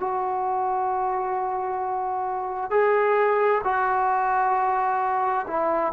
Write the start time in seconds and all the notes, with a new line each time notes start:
0.00 F#4
2.71 G#4
3.64 F#4
5.47 E4